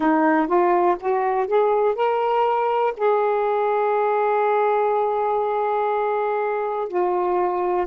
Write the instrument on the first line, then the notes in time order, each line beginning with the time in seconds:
saxophone
0.00 D#4
0.46 F4
1.00 F#4
1.47 G#4
1.95 A#4
2.96 G#4
6.88 F4